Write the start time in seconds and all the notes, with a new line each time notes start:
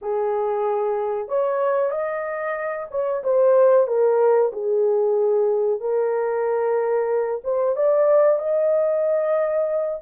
0.01 G#4
1.28 C#5
1.90 D#5
2.90 C#5
3.23 C5
3.87 A#4
4.52 G#4
5.80 A#4
7.44 C5
7.75 D5
8.38 D#5